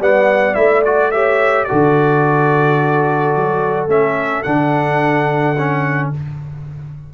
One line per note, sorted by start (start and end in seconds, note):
0.00 0.56 G3
0.00 0.55 B3
0.00 1.12 D5
0.00 0.55 F#5
0.55 1.67 A3
0.55 0.82 E4
0.55 0.83 E5
0.85 1.13 F#4
0.85 1.12 D5
1.12 1.69 G4
1.12 1.68 C#5
1.12 1.65 E5
1.65 3.89 F#4
1.65 6.12 A4
1.65 3.87 D5
1.72 3.36 D3
3.36 3.88 F#3
3.88 4.44 A3
3.88 4.45 C#4
3.88 4.43 E5
4.43 6.13 D3
4.43 5.57 D4
4.43 6.10 F#5
5.58 6.14 C#4